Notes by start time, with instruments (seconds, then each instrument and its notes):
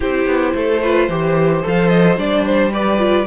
0.00 cello C4, viola E4, violin G4 C5
0.26 cello B3
0.54 cello A3, violin A4
0.82 viola F4, violin B4
1.08 cello E3, viola G4, violin C5
1.63 cello F3, viola A4, violin F5
1.88 violin D#5
2.17 cello G3, viola D4, violin D5
2.45 violin C5
2.72 viola G4, violin B4 D5
2.98 viola F4